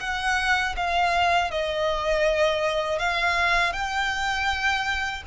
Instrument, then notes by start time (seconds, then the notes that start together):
violin
0.00 F#5
0.76 F5
1.51 D#5
2.99 F5
3.73 G5